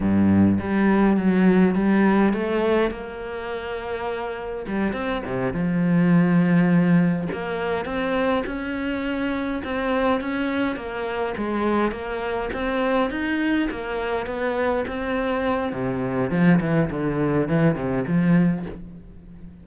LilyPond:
\new Staff \with { instrumentName = "cello" } { \time 4/4 \tempo 4 = 103 g,4 g4 fis4 g4 | a4 ais2. | g8 c'8 c8 f2~ f8~ | f8 ais4 c'4 cis'4.~ |
cis'8 c'4 cis'4 ais4 gis8~ | gis8 ais4 c'4 dis'4 ais8~ | ais8 b4 c'4. c4 | f8 e8 d4 e8 c8 f4 | }